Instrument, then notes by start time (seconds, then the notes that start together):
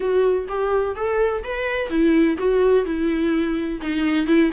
viola
0.00 F#4
0.48 G4
0.95 A4
1.43 B4
1.89 E4
2.37 F#4
2.85 E4
3.81 D#4
4.26 E4